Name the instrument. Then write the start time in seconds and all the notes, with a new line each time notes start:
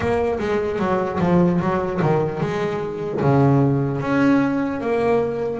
double bass
0.00 A#3
0.39 G#3
0.79 F#3
1.20 F3
1.60 F#3
2.01 D#3
2.40 G#3
3.21 C#3
4.00 C#4
4.80 A#3